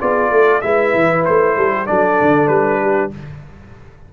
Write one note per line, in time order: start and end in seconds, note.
0.00 0.31 B3
0.00 0.62 F4
0.00 0.32 G#4
0.00 0.61 D5
0.31 0.62 A3
0.31 0.63 A4
0.61 0.94 G#3
0.61 1.86 E4
0.61 1.56 B4
0.61 1.24 E5
0.95 1.26 E3
1.25 1.57 A3
1.25 1.87 C5
1.56 1.88 G3
1.56 1.72 A4
1.72 1.88 G4
1.86 2.22 F#3
1.86 3.11 D4
1.86 2.82 A4
1.86 2.48 D5
2.22 2.48 D3
2.48 3.11 G3
2.48 3.10 B4
2.82 3.13 G4